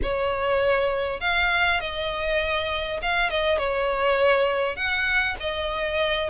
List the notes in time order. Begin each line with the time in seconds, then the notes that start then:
0.02 C#5
1.20 F5
1.80 D#5
3.02 F5
3.29 D#5
3.58 C#5
4.76 F#5
5.40 D#5